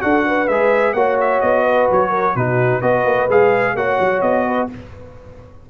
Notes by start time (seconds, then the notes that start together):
0.00 D4 F#4 A4 F#5
0.26 B4
0.47 G#3 G#4 E5
0.93 A#3 F#4 C#5 F#5
1.20 E5
1.41 B3 D#5
1.63 B4
1.91 F#3 C#5
2.09 A#4
2.35 B2 D#4 F#4 B4
2.80 B3 F#4 B4 D#5
3.04 A#3
3.28 G#3 G#4 F5
3.75 A#3 F#4 C#5 F#5
3.99 F#3
4.21 B3 D#5
4.46 B4